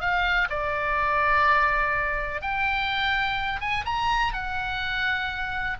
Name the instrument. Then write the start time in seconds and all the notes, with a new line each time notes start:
oboe
0.00 F5
0.50 D5
2.41 G5
3.60 G#5
3.85 A#5
4.33 F#5